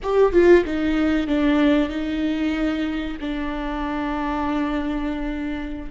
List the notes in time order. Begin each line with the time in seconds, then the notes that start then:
0.02 G4
0.32 F4
0.64 D#4
1.27 D4
1.89 D#4
3.20 D4